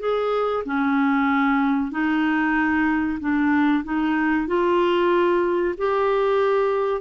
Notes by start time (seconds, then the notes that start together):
0.00 G#4
0.65 C#4
1.91 D#4
3.20 D4
3.84 D#4
4.48 F4
5.78 G4